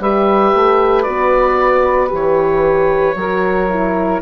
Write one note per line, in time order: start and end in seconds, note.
0.00 0.53 G3
0.00 1.05 G4
0.00 3.17 B4
0.00 1.03 E5
0.54 1.07 A3
1.03 2.12 B3
1.03 2.08 F#4
1.03 2.08 D5
2.08 3.15 E3
2.08 3.14 G4
2.15 4.22 C#5
3.15 4.20 F#3
3.15 3.70 F#4
3.15 4.22 A#4
3.70 4.22 E4